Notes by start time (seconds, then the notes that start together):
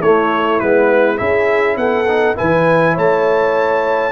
0.00 A3 E4 C#5
0.59 G#3 B3 B4
1.16 C#4 E4 G#4 E5
1.76 B3 A4 F#5
2.08 D#4
2.35 E3 E4 B4 G#5
2.94 A3 C#5 A5